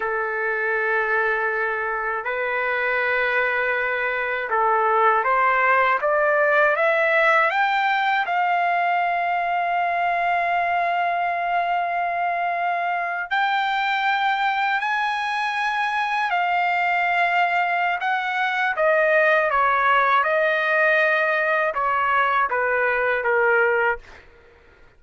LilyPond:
\new Staff \with { instrumentName = "trumpet" } { \time 4/4 \tempo 4 = 80 a'2. b'4~ | b'2 a'4 c''4 | d''4 e''4 g''4 f''4~ | f''1~ |
f''4.~ f''16 g''2 gis''16~ | gis''4.~ gis''16 f''2~ f''16 | fis''4 dis''4 cis''4 dis''4~ | dis''4 cis''4 b'4 ais'4 | }